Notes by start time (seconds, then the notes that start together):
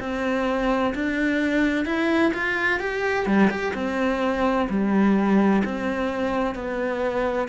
0.00 C4
0.95 D4
1.85 E4
2.34 F4
2.80 G4
3.26 G3
3.50 G4
3.74 C4
4.69 G3
5.65 C4
6.55 B3